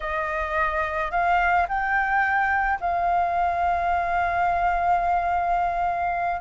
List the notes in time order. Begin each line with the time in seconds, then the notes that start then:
0.00 D#5
1.11 F5
1.68 G5
2.80 F5